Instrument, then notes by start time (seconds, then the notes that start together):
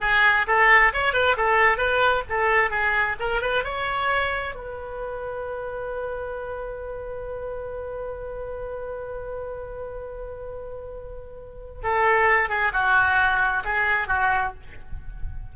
oboe
0.01 G#4
0.47 A4
0.93 C#5
1.13 B4
1.36 A4
1.77 B4
2.29 A4
2.70 G#4
3.19 A#4
3.41 B4
3.64 C#5
4.55 B4
11.83 A4
12.49 G#4
12.73 F#4
13.64 G#4
14.07 F#4